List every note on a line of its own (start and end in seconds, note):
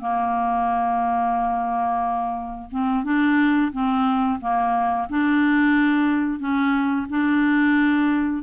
0.00 2.70 A#3
2.72 3.05 C4
3.05 3.72 D4
3.73 4.40 C4
4.41 5.09 A#3
5.10 6.40 D4
6.40 7.07 C#4
7.10 8.44 D4